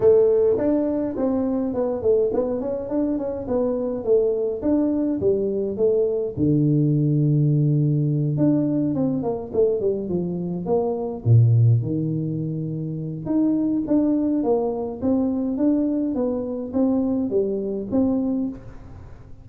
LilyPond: \new Staff \with { instrumentName = "tuba" } { \time 4/4 \tempo 4 = 104 a4 d'4 c'4 b8 a8 | b8 cis'8 d'8 cis'8 b4 a4 | d'4 g4 a4 d4~ | d2~ d8 d'4 c'8 |
ais8 a8 g8 f4 ais4 ais,8~ | ais,8 dis2~ dis8 dis'4 | d'4 ais4 c'4 d'4 | b4 c'4 g4 c'4 | }